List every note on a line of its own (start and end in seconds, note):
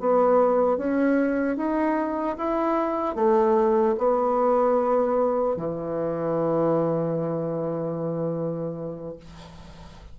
0.00 0.78 B3
0.78 1.57 C#4
1.57 2.37 D#4
2.37 3.16 E4
3.16 3.96 A3
3.98 5.57 B3
5.57 9.17 E3